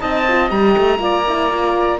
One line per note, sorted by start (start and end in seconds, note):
0.00 0.51 C4
0.00 0.25 D#4
0.00 1.00 D#5
0.00 0.50 A5
0.29 0.49 F4
0.49 0.76 G3
0.49 0.99 G4
0.49 2.00 A#5
0.78 0.99 A3
0.99 1.99 A#3
0.99 1.24 F4
0.99 2.00 D5
1.28 1.50 E4
1.50 2.00 F4